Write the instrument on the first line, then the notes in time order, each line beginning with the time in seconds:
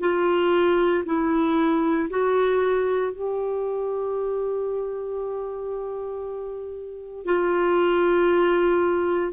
clarinet
0.00 F4
1.05 E4
2.10 F#4
3.12 G4
7.25 F4